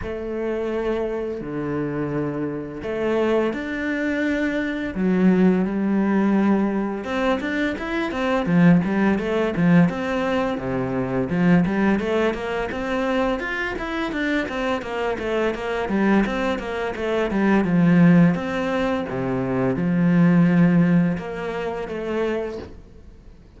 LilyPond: \new Staff \with { instrumentName = "cello" } { \time 4/4 \tempo 4 = 85 a2 d2 | a4 d'2 fis4 | g2 c'8 d'8 e'8 c'8 | f8 g8 a8 f8 c'4 c4 |
f8 g8 a8 ais8 c'4 f'8 e'8 | d'8 c'8 ais8 a8 ais8 g8 c'8 ais8 | a8 g8 f4 c'4 c4 | f2 ais4 a4 | }